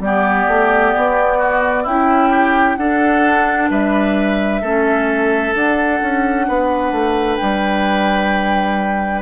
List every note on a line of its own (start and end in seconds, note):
0.00 0.46 G3
0.00 1.88 B3
0.00 1.38 G4
0.00 1.87 D5
0.47 0.94 A3
0.97 1.86 B3
1.38 1.83 F#4
1.83 2.78 C#4
1.83 2.29 E4
1.83 2.79 E4
1.83 2.77 G5
2.30 2.77 G4
2.77 3.70 D4
2.77 4.63 D4
2.77 3.71 A4
2.77 3.69 F#5
3.70 4.62 G3
3.70 4.62 B4
3.70 5.56 E5
4.62 5.54 A3
4.62 5.54 C#4
4.62 6.46 A4
5.54 9.22 D4
5.54 6.01 D4
5.54 7.37 F#5
6.02 6.48 C#4
6.48 6.92 B3
6.48 9.22 B4
6.92 7.38 A3
7.37 9.22 G3
7.37 9.21 G5